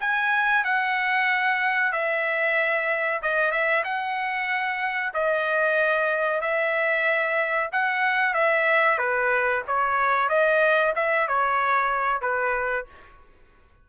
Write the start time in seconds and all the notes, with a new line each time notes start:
0.00 G#5
0.64 F#5
1.92 E5
3.22 D#5
3.51 E5
3.84 F#5
5.13 D#5
6.41 E5
7.72 F#5
8.33 E5
8.98 B4
9.67 C#5
10.29 D#5
10.95 E5
11.28 C#5
12.21 B4